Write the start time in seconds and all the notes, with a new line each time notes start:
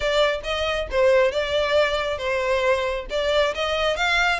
0.00 D5
0.43 D#5
0.90 C5
1.31 D5
2.18 C5
3.10 D5
3.54 D#5
3.96 F5